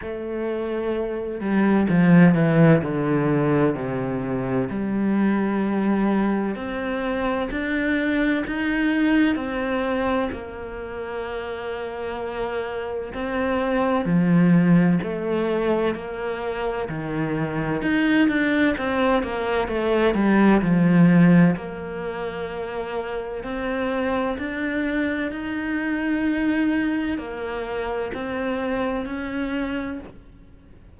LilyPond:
\new Staff \with { instrumentName = "cello" } { \time 4/4 \tempo 4 = 64 a4. g8 f8 e8 d4 | c4 g2 c'4 | d'4 dis'4 c'4 ais4~ | ais2 c'4 f4 |
a4 ais4 dis4 dis'8 d'8 | c'8 ais8 a8 g8 f4 ais4~ | ais4 c'4 d'4 dis'4~ | dis'4 ais4 c'4 cis'4 | }